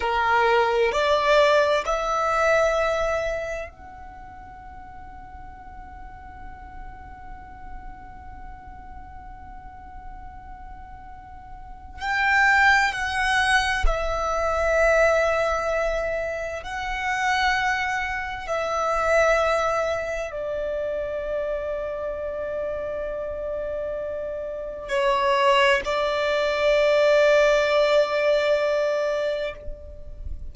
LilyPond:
\new Staff \with { instrumentName = "violin" } { \time 4/4 \tempo 4 = 65 ais'4 d''4 e''2 | fis''1~ | fis''1~ | fis''4 g''4 fis''4 e''4~ |
e''2 fis''2 | e''2 d''2~ | d''2. cis''4 | d''1 | }